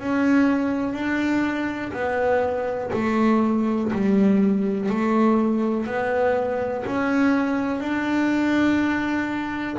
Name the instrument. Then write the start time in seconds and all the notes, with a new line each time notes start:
double bass
0.00 C#4
0.94 D4
1.93 B3
2.94 A3
3.93 G3
4.90 A3
5.87 B3
6.87 C#4
7.80 D4